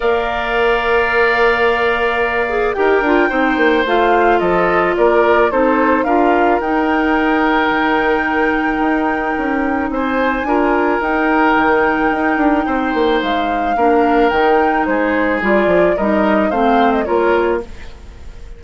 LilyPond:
<<
  \new Staff \with { instrumentName = "flute" } { \time 4/4 \tempo 4 = 109 f''1~ | f''4 g''2 f''4 | dis''4 d''4 c''4 f''4 | g''1~ |
g''2 gis''2 | g''1 | f''2 g''4 c''4 | d''4 dis''4 f''8. dis''16 cis''4 | }
  \new Staff \with { instrumentName = "oboe" } { \time 4/4 d''1~ | d''4 ais'4 c''2 | a'4 ais'4 a'4 ais'4~ | ais'1~ |
ais'2 c''4 ais'4~ | ais'2. c''4~ | c''4 ais'2 gis'4~ | gis'4 ais'4 c''4 ais'4 | }
  \new Staff \with { instrumentName = "clarinet" } { \time 4/4 ais'1~ | ais'8 gis'8 g'8 f'8 dis'4 f'4~ | f'2 dis'4 f'4 | dis'1~ |
dis'2. f'4 | dis'1~ | dis'4 d'4 dis'2 | f'4 dis'4 c'4 f'4 | }
  \new Staff \with { instrumentName = "bassoon" } { \time 4/4 ais1~ | ais4 dis'8 d'8 c'8 ais8 a4 | f4 ais4 c'4 d'4 | dis'2 dis2 |
dis'4 cis'4 c'4 d'4 | dis'4 dis4 dis'8 d'8 c'8 ais8 | gis4 ais4 dis4 gis4 | g8 f8 g4 a4 ais4 | }
>>